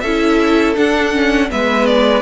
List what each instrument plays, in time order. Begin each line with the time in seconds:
0.00 cello C#4, viola E4, violin A4 E5
0.75 viola D4, cello D4, violin F#5
1.12 viola C#4
1.50 cello G#3, viola B3, violin B4 E5
1.86 violin D5